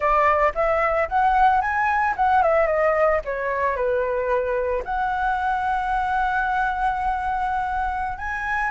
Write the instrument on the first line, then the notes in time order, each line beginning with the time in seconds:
flute
0.00 D5
0.54 E5
1.08 F#5
1.61 G#5
2.16 F#5
2.42 E5
2.66 D#5
3.24 C#5
3.75 B4
4.84 F#5
8.17 G#5